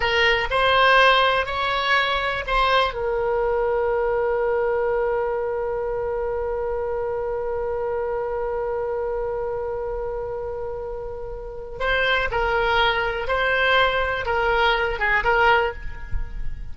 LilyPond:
\new Staff \with { instrumentName = "oboe" } { \time 4/4 \tempo 4 = 122 ais'4 c''2 cis''4~ | cis''4 c''4 ais'2~ | ais'1~ | ais'1~ |
ais'1~ | ais'1 | c''4 ais'2 c''4~ | c''4 ais'4. gis'8 ais'4 | }